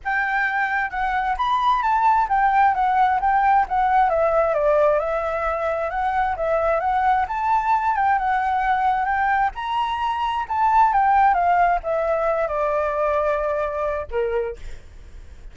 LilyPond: \new Staff \with { instrumentName = "flute" } { \time 4/4 \tempo 4 = 132 g''2 fis''4 b''4 | a''4 g''4 fis''4 g''4 | fis''4 e''4 d''4 e''4~ | e''4 fis''4 e''4 fis''4 |
a''4. g''8 fis''2 | g''4 ais''2 a''4 | g''4 f''4 e''4. d''8~ | d''2. ais'4 | }